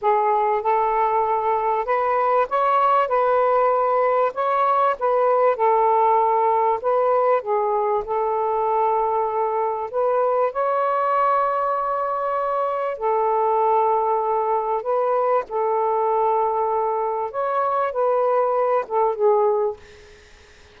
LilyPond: \new Staff \with { instrumentName = "saxophone" } { \time 4/4 \tempo 4 = 97 gis'4 a'2 b'4 | cis''4 b'2 cis''4 | b'4 a'2 b'4 | gis'4 a'2. |
b'4 cis''2.~ | cis''4 a'2. | b'4 a'2. | cis''4 b'4. a'8 gis'4 | }